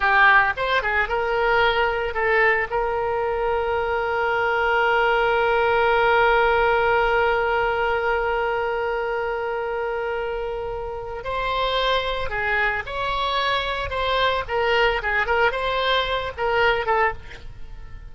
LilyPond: \new Staff \with { instrumentName = "oboe" } { \time 4/4 \tempo 4 = 112 g'4 c''8 gis'8 ais'2 | a'4 ais'2.~ | ais'1~ | ais'1~ |
ais'1~ | ais'4 c''2 gis'4 | cis''2 c''4 ais'4 | gis'8 ais'8 c''4. ais'4 a'8 | }